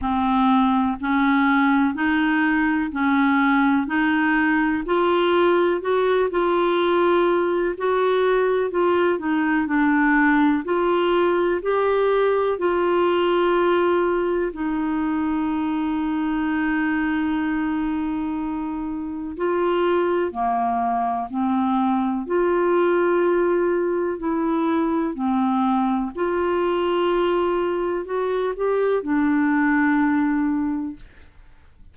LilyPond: \new Staff \with { instrumentName = "clarinet" } { \time 4/4 \tempo 4 = 62 c'4 cis'4 dis'4 cis'4 | dis'4 f'4 fis'8 f'4. | fis'4 f'8 dis'8 d'4 f'4 | g'4 f'2 dis'4~ |
dis'1 | f'4 ais4 c'4 f'4~ | f'4 e'4 c'4 f'4~ | f'4 fis'8 g'8 d'2 | }